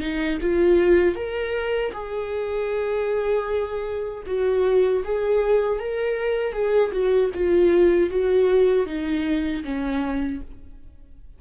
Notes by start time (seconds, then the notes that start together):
0.00 D#4
0.41 F4
1.16 A#4
1.93 G#4
4.27 F#4
5.05 G#4
5.80 A#4
6.53 G#4
6.92 F#4
7.35 F4
8.10 F#4
8.86 D#4
9.64 C#4